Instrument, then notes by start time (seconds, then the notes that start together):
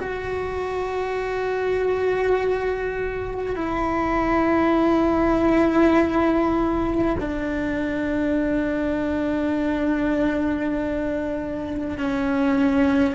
cello
0.00 F#4
3.56 E4
7.20 D4
11.98 C#4